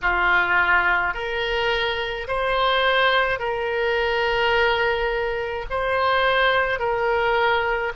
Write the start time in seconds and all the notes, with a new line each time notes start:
0.02 F4
1.14 A#4
2.27 C5
3.39 A#4
5.70 C5
6.79 A#4